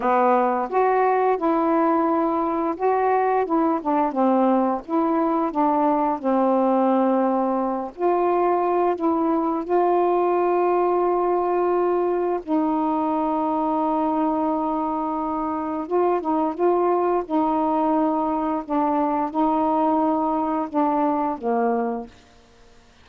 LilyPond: \new Staff \with { instrumentName = "saxophone" } { \time 4/4 \tempo 4 = 87 b4 fis'4 e'2 | fis'4 e'8 d'8 c'4 e'4 | d'4 c'2~ c'8 f'8~ | f'4 e'4 f'2~ |
f'2 dis'2~ | dis'2. f'8 dis'8 | f'4 dis'2 d'4 | dis'2 d'4 ais4 | }